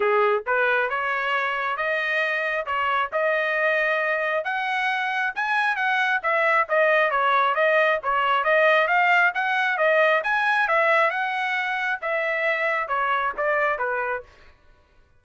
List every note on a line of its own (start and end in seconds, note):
0.00 0.43 G#4
0.46 0.89 B4
0.89 1.77 C#5
1.77 2.65 D#5
2.65 3.10 C#5
3.12 4.44 D#5
4.44 5.33 F#5
5.35 5.76 G#5
5.76 6.20 F#5
6.22 6.67 E5
6.68 7.11 D#5
7.11 7.54 C#5
7.54 7.99 D#5
8.03 8.43 C#5
8.43 8.87 D#5
8.87 9.32 F5
9.34 9.77 F#5
9.77 10.22 D#5
10.23 10.67 G#5
10.67 11.10 E5
11.10 11.99 F#5
12.01 12.88 E5
12.88 13.32 C#5
13.37 13.78 D5
13.78 14.22 B4